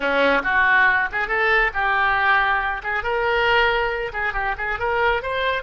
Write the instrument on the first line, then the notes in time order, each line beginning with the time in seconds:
oboe
0.00 C#4
0.43 F#4
1.11 G#4
1.27 A4
1.73 G4
2.83 G#4
3.03 A#4
4.12 G#4
4.33 G4
4.57 G#4
4.79 A#4
5.22 C5